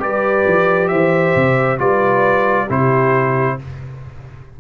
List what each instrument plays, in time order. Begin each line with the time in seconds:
0.00 tuba G3, trombone G4, horn B4, trumpet D5
0.47 tuba F3
0.88 tuba E3, horn C5, trumpet E5
1.35 tuba C3
1.78 tuba G3, trombone F4, horn B4, trumpet D5
2.65 tuba C3, trombone E4, horn G4, trumpet C5